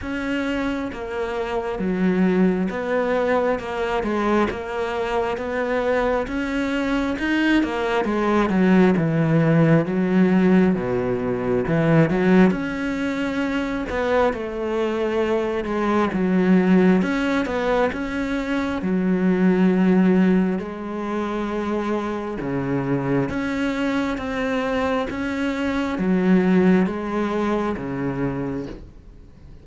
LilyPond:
\new Staff \with { instrumentName = "cello" } { \time 4/4 \tempo 4 = 67 cis'4 ais4 fis4 b4 | ais8 gis8 ais4 b4 cis'4 | dis'8 ais8 gis8 fis8 e4 fis4 | b,4 e8 fis8 cis'4. b8 |
a4. gis8 fis4 cis'8 b8 | cis'4 fis2 gis4~ | gis4 cis4 cis'4 c'4 | cis'4 fis4 gis4 cis4 | }